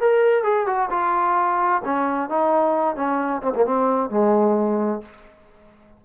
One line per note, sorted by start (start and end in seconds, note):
0.00 0.43 A#4
0.43 0.66 G#4
0.66 0.89 F#4
0.90 1.82 F4
1.84 2.29 C#4
2.29 2.96 D#4
2.96 3.41 C#4
3.42 3.53 C4
3.54 3.65 A#3
3.65 4.10 C4
4.10 5.02 G#3